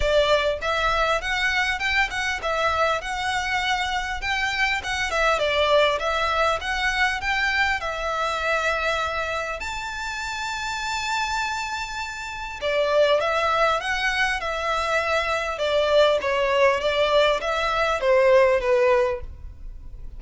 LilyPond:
\new Staff \with { instrumentName = "violin" } { \time 4/4 \tempo 4 = 100 d''4 e''4 fis''4 g''8 fis''8 | e''4 fis''2 g''4 | fis''8 e''8 d''4 e''4 fis''4 | g''4 e''2. |
a''1~ | a''4 d''4 e''4 fis''4 | e''2 d''4 cis''4 | d''4 e''4 c''4 b'4 | }